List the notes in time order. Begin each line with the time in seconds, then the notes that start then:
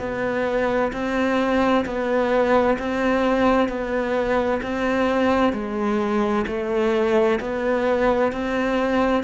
0.00 B3
0.93 C4
1.86 B3
2.79 C4
3.69 B3
4.63 C4
5.53 G#3
6.47 A3
7.41 B3
8.33 C4